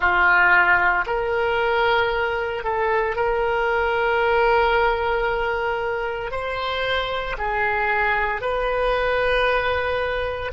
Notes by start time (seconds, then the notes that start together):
0.00 F4
1.06 A#4
2.63 A4
3.16 A#4
6.31 C5
7.38 G#4
8.41 B4